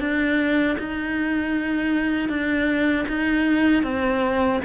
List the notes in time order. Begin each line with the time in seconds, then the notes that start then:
0.00 D4
0.79 D#4
2.29 D4
3.08 D#4
3.83 C4